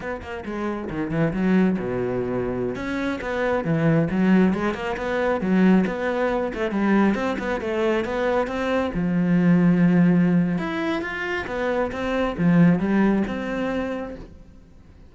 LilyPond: \new Staff \with { instrumentName = "cello" } { \time 4/4 \tempo 4 = 136 b8 ais8 gis4 dis8 e8 fis4 | b,2~ b,16 cis'4 b8.~ | b16 e4 fis4 gis8 ais8 b8.~ | b16 fis4 b4. a8 g8.~ |
g16 c'8 b8 a4 b4 c'8.~ | c'16 f2.~ f8. | e'4 f'4 b4 c'4 | f4 g4 c'2 | }